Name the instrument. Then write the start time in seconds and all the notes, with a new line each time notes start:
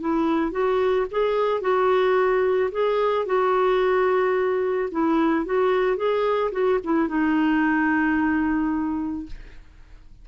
clarinet
0.00 E4
0.51 F#4
1.11 G#4
1.61 F#4
2.71 G#4
3.26 F#4
4.91 E4
5.45 F#4
5.96 G#4
6.52 F#4
6.84 E4
7.08 D#4